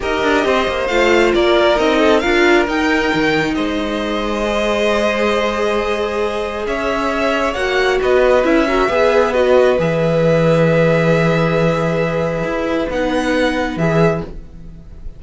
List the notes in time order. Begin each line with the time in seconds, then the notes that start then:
0.00 D#4 G4 A#4 D#5
0.22 D4
0.44 C4 C5
0.67 A#3
0.87 A3 F4 F5
1.34 A#3 A#4 D5
1.76 C4 D#4 D#5
1.99 A4
2.19 D4 F4 A#4 F5
2.67 D#4 G5
3.13 D#3
3.54 G#3 C5 D#5
4.44 G#4
6.66 C#4 C#5 E5
7.53 A#3 F#4 F#5
8.01 B3 B4 D#5
8.43 C#4 E4 E5
8.67 F#4 A#4
8.88 B3 G#4 B4
9.33 F#4 D#5
9.78 E3 G#4 E5
12.43 E4
12.89 B3 D#4 F#5
13.76 E3 G#4 E5